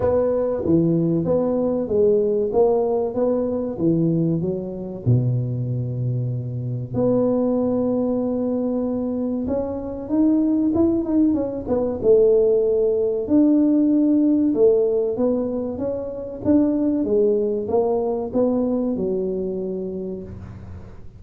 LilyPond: \new Staff \with { instrumentName = "tuba" } { \time 4/4 \tempo 4 = 95 b4 e4 b4 gis4 | ais4 b4 e4 fis4 | b,2. b4~ | b2. cis'4 |
dis'4 e'8 dis'8 cis'8 b8 a4~ | a4 d'2 a4 | b4 cis'4 d'4 gis4 | ais4 b4 fis2 | }